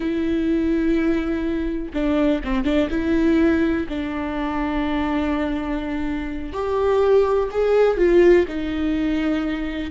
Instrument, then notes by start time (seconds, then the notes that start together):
viola
0.00 E4
1.93 D4
2.44 C4
2.64 D4
2.90 E4
3.88 D4
6.52 G4
7.51 G#4
7.97 F4
8.48 D#4